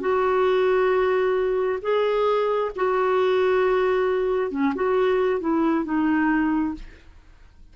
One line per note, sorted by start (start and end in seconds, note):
0.00 1.79 F#4
1.82 2.71 G#4
2.76 4.51 F#4
4.51 4.73 C#4
4.75 5.40 F#4
5.40 5.85 E4
5.85 6.74 D#4